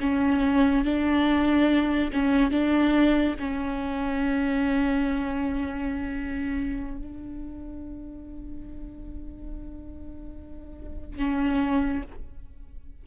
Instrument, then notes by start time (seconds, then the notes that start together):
viola
0.00 C#4
0.84 D4
2.12 C#4
2.51 D4
3.39 C#4
6.97 D4
11.17 C#4